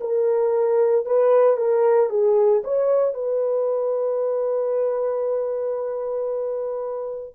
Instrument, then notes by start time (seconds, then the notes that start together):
horn
0.00 A#4
1.06 B4
1.56 A#4
2.10 G#4
2.64 C#5
3.14 B4